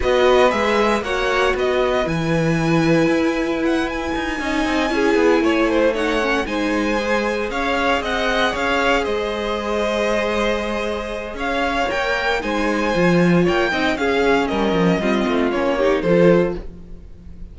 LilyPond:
<<
  \new Staff \with { instrumentName = "violin" } { \time 4/4 \tempo 4 = 116 dis''4 e''4 fis''4 dis''4 | gis''2. fis''8 gis''8~ | gis''2.~ gis''8 fis''8~ | fis''8 gis''2 f''4 fis''8~ |
fis''8 f''4 dis''2~ dis''8~ | dis''2 f''4 g''4 | gis''2 g''4 f''4 | dis''2 cis''4 c''4 | }
  \new Staff \with { instrumentName = "violin" } { \time 4/4 b'2 cis''4 b'4~ | b'1~ | b'8 dis''4 gis'4 cis''8 c''8 cis''8~ | cis''8 c''2 cis''4 dis''8~ |
dis''8 cis''4 c''2~ c''8~ | c''2 cis''2 | c''2 cis''8 dis''8 gis'4 | ais'4 f'4. g'8 a'4 | }
  \new Staff \with { instrumentName = "viola" } { \time 4/4 fis'4 gis'4 fis'2 | e'1~ | e'8 dis'4 e'2 dis'8 | cis'8 dis'4 gis'2~ gis'8~ |
gis'1~ | gis'2. ais'4 | dis'4 f'4. dis'8 cis'4~ | cis'4 c'4 cis'8 dis'8 f'4 | }
  \new Staff \with { instrumentName = "cello" } { \time 4/4 b4 gis4 ais4 b4 | e2 e'2 | dis'8 cis'8 c'8 cis'8 b8 a4.~ | a8 gis2 cis'4 c'8~ |
c'8 cis'4 gis2~ gis8~ | gis2 cis'4 ais4 | gis4 f4 ais8 c'8 cis'4 | g8 f8 g8 a8 ais4 f4 | }
>>